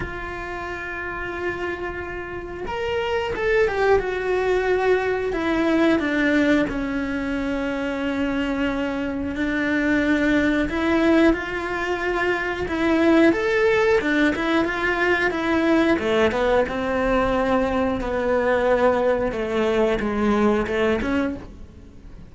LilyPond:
\new Staff \with { instrumentName = "cello" } { \time 4/4 \tempo 4 = 90 f'1 | ais'4 a'8 g'8 fis'2 | e'4 d'4 cis'2~ | cis'2 d'2 |
e'4 f'2 e'4 | a'4 d'8 e'8 f'4 e'4 | a8 b8 c'2 b4~ | b4 a4 gis4 a8 cis'8 | }